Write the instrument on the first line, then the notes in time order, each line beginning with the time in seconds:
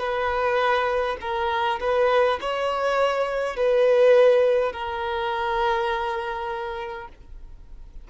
violin
0.00 B4
1.21 A#4
1.81 B4
2.41 C#5
3.57 B4
4.73 A#4